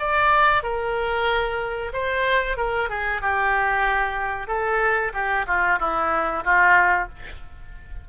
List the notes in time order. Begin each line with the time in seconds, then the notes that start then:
0.00 D5
0.63 A#4
1.93 C5
2.57 A#4
2.90 G#4
3.22 G4
4.48 A4
5.14 G4
5.47 F4
5.79 E4
6.44 F4